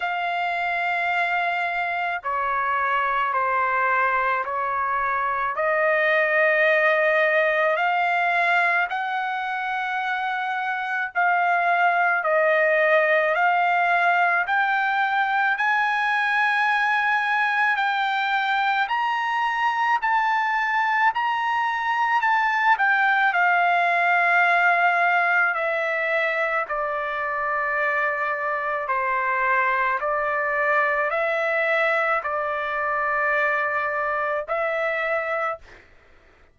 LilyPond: \new Staff \with { instrumentName = "trumpet" } { \time 4/4 \tempo 4 = 54 f''2 cis''4 c''4 | cis''4 dis''2 f''4 | fis''2 f''4 dis''4 | f''4 g''4 gis''2 |
g''4 ais''4 a''4 ais''4 | a''8 g''8 f''2 e''4 | d''2 c''4 d''4 | e''4 d''2 e''4 | }